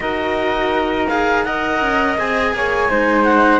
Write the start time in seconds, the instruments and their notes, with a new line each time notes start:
0.00 cello D#4 F#4, flute A#4, clarinet D#5
1.08 cello G#4, clarinet F5
1.43 cello A#4, flute D#5, clarinet F#5
1.81 cello C#4
2.18 cello C4 G#4, clarinet G#5
2.53 cello A#3, flute C#5
2.88 cello G#3 D#4, flute C5
3.24 clarinet F#5